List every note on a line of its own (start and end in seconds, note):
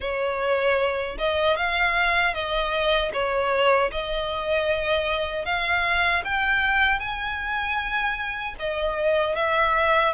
0.00 1.17 C#5
1.18 1.56 D#5
1.56 2.33 F5
2.33 3.11 D#5
3.13 3.91 C#5
3.91 5.45 D#5
5.45 6.23 F5
6.24 6.99 G5
6.99 8.55 G#5
8.59 9.35 D#5
9.35 10.13 E5